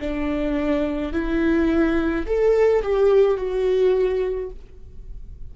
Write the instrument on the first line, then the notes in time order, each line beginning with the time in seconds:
viola
0.00 D4
1.13 E4
2.26 A4
2.83 G4
3.38 F#4